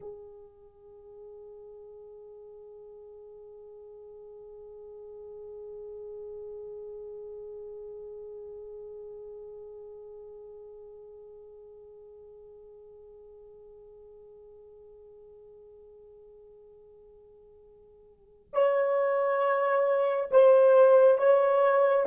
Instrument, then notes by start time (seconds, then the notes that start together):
horn
0.00 G#4
18.53 C#5
20.31 C5
21.18 C#5